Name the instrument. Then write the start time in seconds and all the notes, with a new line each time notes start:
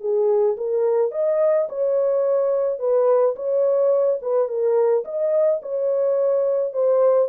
horn
0.00 G#4
0.57 A#4
1.11 D#5
1.69 C#5
2.79 B4
3.36 C#5
4.22 B4
4.48 A#4
5.05 D#5
5.62 C#5
6.73 C5